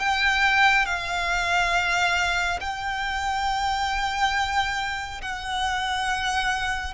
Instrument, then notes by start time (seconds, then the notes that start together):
violin
0.00 G5
0.86 F5
2.61 G5
5.22 F#5